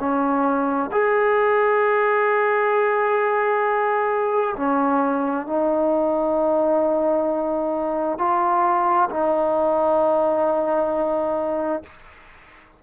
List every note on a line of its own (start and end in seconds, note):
0.00 0.91 C#4
0.92 4.55 G#4
4.57 5.47 C#4
5.47 8.19 D#4
8.19 9.10 F4
9.10 11.83 D#4